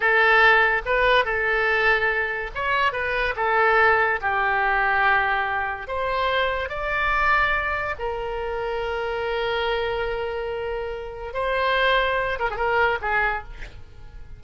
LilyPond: \new Staff \with { instrumentName = "oboe" } { \time 4/4 \tempo 4 = 143 a'2 b'4 a'4~ | a'2 cis''4 b'4 | a'2 g'2~ | g'2 c''2 |
d''2. ais'4~ | ais'1~ | ais'2. c''4~ | c''4. ais'16 gis'16 ais'4 gis'4 | }